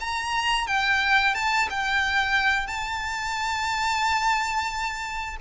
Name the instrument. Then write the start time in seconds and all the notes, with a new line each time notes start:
violin
0.00 A#5
0.67 G5
1.34 A5
1.69 G5
2.67 A5